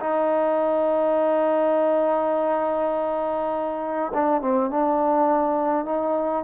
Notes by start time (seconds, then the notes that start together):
0.00 D#4
4.14 D4
4.41 C4
4.70 D4
5.85 D#4